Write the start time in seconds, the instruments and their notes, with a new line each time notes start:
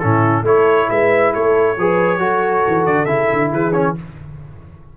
0.00 tuba A2, trombone C#4, horn E4, trumpet A4
0.43 tuba A3, trombone E4, horn A4, trumpet C#5
0.90 tuba G#3, horn B4, trumpet E5
1.33 tuba A3, horn A4, trumpet C#5
1.77 tuba F3, trombone G#4, horn B4
2.19 tuba F#3, trombone F#4, horn A4
2.68 tuba E3
2.86 tuba D3, trumpet D5
3.05 tuba C#3, trombone E4, trumpet E5
3.32 tuba D3
3.52 tuba E3, horn G#4, trumpet B4
3.73 trombone C#4, trumpet C#5